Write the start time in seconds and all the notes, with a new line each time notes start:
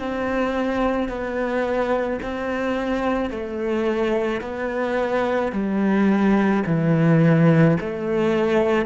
0.00 C4
1.09 B3
2.23 C4
3.31 A3
4.41 B3
5.53 G3
6.67 E3
7.81 A3